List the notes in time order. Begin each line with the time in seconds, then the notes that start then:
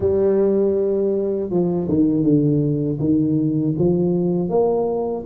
0.00 G3
1.50 F3
1.88 D#3
2.23 D3
2.99 D#3
3.78 F3
4.49 A#3